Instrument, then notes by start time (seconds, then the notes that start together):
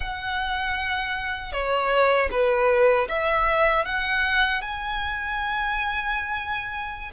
violin
0.00 F#5
1.52 C#5
2.31 B4
3.08 E5
3.85 F#5
4.62 G#5